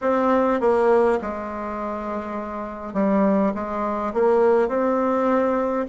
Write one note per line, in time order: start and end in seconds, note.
0.01 0.60 C4
0.60 1.19 A#3
1.21 2.94 G#3
2.94 3.52 G3
3.54 4.13 G#3
4.13 4.68 A#3
4.68 5.86 C4